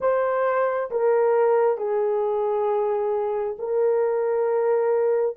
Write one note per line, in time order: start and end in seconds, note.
0.00 0.90 C5
0.90 1.77 A#4
1.77 3.56 G#4
3.59 5.36 A#4